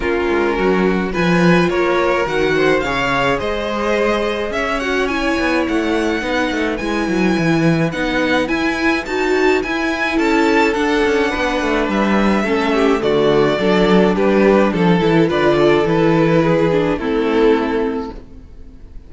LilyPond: <<
  \new Staff \with { instrumentName = "violin" } { \time 4/4 \tempo 4 = 106 ais'2 gis''4 cis''4 | fis''4 f''4 dis''2 | e''8 fis''8 gis''4 fis''2 | gis''2 fis''4 gis''4 |
a''4 gis''4 a''4 fis''4~ | fis''4 e''2 d''4~ | d''4 b'4 a'4 d''4 | b'2 a'2 | }
  \new Staff \with { instrumentName = "violin" } { \time 4/4 f'4 fis'4 b'4 ais'4~ | ais'8 c''8 cis''4 c''2 | cis''2. b'4~ | b'1~ |
b'2 a'2 | b'2 a'8 g'8 fis'4 | a'4 g'4 a'4 b'8 a'8~ | a'4 gis'4 e'2 | }
  \new Staff \with { instrumentName = "viola" } { \time 4/4 cis'2 f'2 | fis'4 gis'2.~ | gis'8 fis'8 e'2 dis'4 | e'2 dis'4 e'4 |
fis'4 e'2 d'4~ | d'2 cis'4 a4 | d'2~ d'8 e'8 f'4 | e'4. d'8 c'2 | }
  \new Staff \with { instrumentName = "cello" } { \time 4/4 ais8 gis8 fis4 f4 ais4 | dis4 cis4 gis2 | cis'4. b8 a4 b8 a8 | gis8 fis8 e4 b4 e'4 |
dis'4 e'4 cis'4 d'8 cis'8 | b8 a8 g4 a4 d4 | fis4 g4 f8 e8 d4 | e2 a2 | }
>>